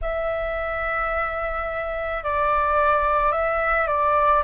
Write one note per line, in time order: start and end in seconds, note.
0.02 2.23 E5
2.23 3.31 D5
3.31 3.87 E5
3.87 4.42 D5